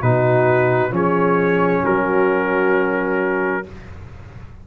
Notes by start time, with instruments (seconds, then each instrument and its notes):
0.00 tuba B2, trombone D#4, horn F#4, trumpet B4
0.91 tuba F3, trombone C#4, horn G#4, trumpet C#5
1.83 tuba F#3, horn F#4, trumpet A#4